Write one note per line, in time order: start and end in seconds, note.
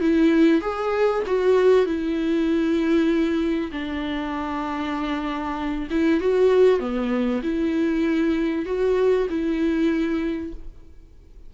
0.00 0.61 E4
0.61 1.23 G#4
1.26 1.85 F#4
1.85 3.71 E4
3.71 5.88 D4
5.90 6.20 E4
6.20 6.79 F#4
6.79 7.41 B3
7.43 8.65 E4
8.65 9.27 F#4
9.30 10.53 E4